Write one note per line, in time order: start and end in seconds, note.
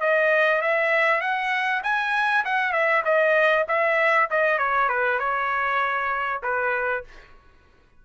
0.00 0.61 D#5
0.61 1.21 E5
1.21 1.82 F#5
1.83 2.44 G#5
2.45 2.72 F#5
2.72 3.03 E5
3.04 3.66 D#5
3.68 4.29 E5
4.30 4.58 D#5
4.58 4.88 C#5
4.88 5.19 B4
5.19 6.41 C#5
6.42 7.04 B4